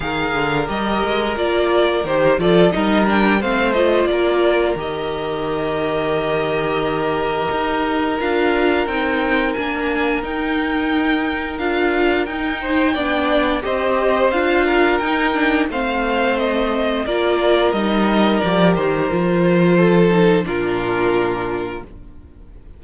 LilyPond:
<<
  \new Staff \with { instrumentName = "violin" } { \time 4/4 \tempo 4 = 88 f''4 dis''4 d''4 c''8 d''8 | dis''8 g''8 f''8 dis''8 d''4 dis''4~ | dis''1 | f''4 g''4 gis''4 g''4~ |
g''4 f''4 g''2 | dis''4 f''4 g''4 f''4 | dis''4 d''4 dis''4 d''8 c''8~ | c''2 ais'2 | }
  \new Staff \with { instrumentName = "violin" } { \time 4/4 ais'2.~ ais'8 a'8 | ais'4 c''4 ais'2~ | ais'1~ | ais'1~ |
ais'2~ ais'8 c''8 d''4 | c''4. ais'4. c''4~ | c''4 ais'2.~ | ais'4 a'4 f'2 | }
  \new Staff \with { instrumentName = "viola" } { \time 4/4 gis'4 g'4 f'4 g'8 f'8 | dis'8 d'8 c'8 f'4. g'4~ | g'1 | f'4 dis'4 d'4 dis'4~ |
dis'4 f'4 dis'4 d'4 | g'4 f'4 dis'8 d'8 c'4~ | c'4 f'4 dis'4 g'4 | f'4. dis'8 d'2 | }
  \new Staff \with { instrumentName = "cello" } { \time 4/4 dis8 d8 g8 gis8 ais4 dis8 f8 | g4 a4 ais4 dis4~ | dis2. dis'4 | d'4 c'4 ais4 dis'4~ |
dis'4 d'4 dis'4 b4 | c'4 d'4 dis'4 a4~ | a4 ais4 g4 f8 dis8 | f2 ais,2 | }
>>